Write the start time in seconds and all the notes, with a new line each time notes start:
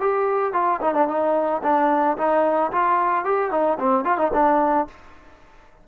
0.00 G4
0.53 F4
0.81 D#4
0.94 D4
1.08 D#4
1.63 D4
2.17 D#4
2.71 F4
3.24 G4
3.51 D#4
3.79 C4
4.04 F4
4.18 D#4
4.33 D4